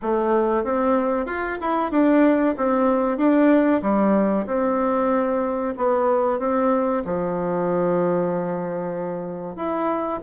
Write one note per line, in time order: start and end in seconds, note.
0.02 0.64 A3
0.64 1.26 C4
1.26 1.58 F4
1.60 1.91 E4
1.91 2.55 D4
2.57 3.17 C4
3.17 3.81 D4
3.82 4.45 G3
4.46 5.74 C4
5.77 6.39 B3
6.39 7.03 C4
7.04 9.55 F3
9.55 10.19 E4